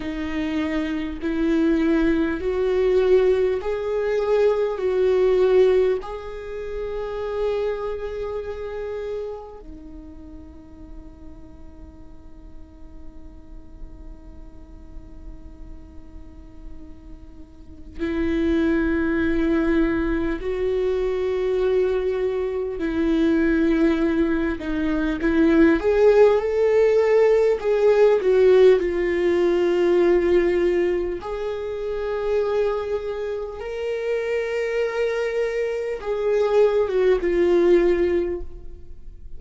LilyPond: \new Staff \with { instrumentName = "viola" } { \time 4/4 \tempo 4 = 50 dis'4 e'4 fis'4 gis'4 | fis'4 gis'2. | dis'1~ | dis'2. e'4~ |
e'4 fis'2 e'4~ | e'8 dis'8 e'8 gis'8 a'4 gis'8 fis'8 | f'2 gis'2 | ais'2 gis'8. fis'16 f'4 | }